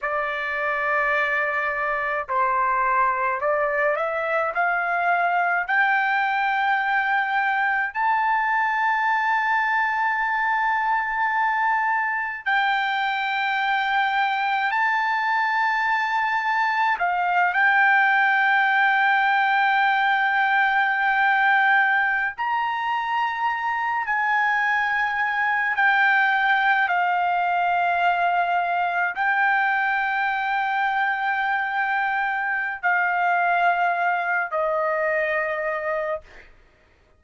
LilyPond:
\new Staff \with { instrumentName = "trumpet" } { \time 4/4 \tempo 4 = 53 d''2 c''4 d''8 e''8 | f''4 g''2 a''4~ | a''2. g''4~ | g''4 a''2 f''8 g''8~ |
g''2.~ g''8. ais''16~ | ais''4~ ais''16 gis''4. g''4 f''16~ | f''4.~ f''16 g''2~ g''16~ | g''4 f''4. dis''4. | }